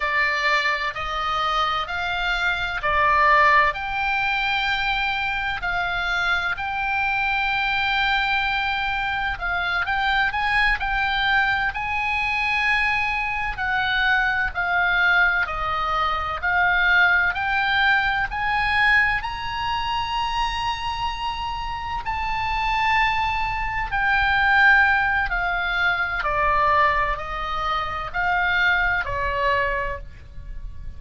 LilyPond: \new Staff \with { instrumentName = "oboe" } { \time 4/4 \tempo 4 = 64 d''4 dis''4 f''4 d''4 | g''2 f''4 g''4~ | g''2 f''8 g''8 gis''8 g''8~ | g''8 gis''2 fis''4 f''8~ |
f''8 dis''4 f''4 g''4 gis''8~ | gis''8 ais''2. a''8~ | a''4. g''4. f''4 | d''4 dis''4 f''4 cis''4 | }